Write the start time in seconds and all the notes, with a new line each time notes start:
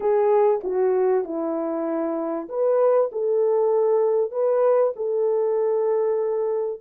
0.00 G#4
0.63 F#4
1.24 E4
2.48 B4
3.12 A4
4.31 B4
4.96 A4